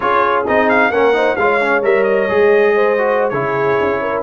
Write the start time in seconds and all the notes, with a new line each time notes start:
0.00 C#4 F4 G#4 C#5
0.47 C4 D#4 D#5
0.69 F5
0.90 A#3 C#4 A#4 F#5
1.13 D#4 C5
1.36 G#3 F4 C#5 F5
1.60 C#4
1.82 G3 A#4 E5
2.03 D#5
2.28 G#3 G#4
2.75 C5
2.97 F#4
3.29 C#3 E4 G#4 C#5
3.80 C#4
4.01 A#4